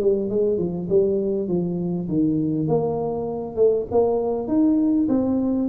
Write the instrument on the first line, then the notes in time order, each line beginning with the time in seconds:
tuba
0.00 G3
0.30 G#3
0.58 F3
0.89 G3
1.48 F3
2.08 D#3
2.67 A#3
3.56 A3
3.91 A#3
4.48 D#4
5.08 C4